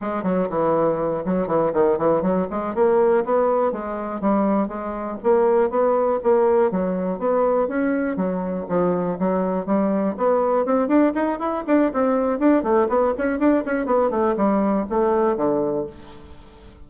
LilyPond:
\new Staff \with { instrumentName = "bassoon" } { \time 4/4 \tempo 4 = 121 gis8 fis8 e4. fis8 e8 dis8 | e8 fis8 gis8 ais4 b4 gis8~ | gis8 g4 gis4 ais4 b8~ | b8 ais4 fis4 b4 cis'8~ |
cis'8 fis4 f4 fis4 g8~ | g8 b4 c'8 d'8 dis'8 e'8 d'8 | c'4 d'8 a8 b8 cis'8 d'8 cis'8 | b8 a8 g4 a4 d4 | }